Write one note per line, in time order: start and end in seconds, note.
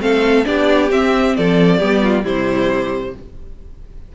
0.00 0.44 A3
0.00 0.45 C4
0.00 0.47 A4
0.00 0.45 F5
0.45 0.91 B3
0.45 0.89 D4
0.45 1.36 G4
0.45 0.90 D5
0.91 1.35 C4
0.91 1.80 C4
0.91 1.36 E5
1.36 1.81 F3
1.36 1.79 A4
1.36 2.25 D5
1.79 2.24 G3
1.79 2.22 B3
1.79 2.01 G4
2.03 2.23 F4
2.22 3.13 C3
2.22 3.11 G3
2.22 3.12 E4
2.22 3.15 C5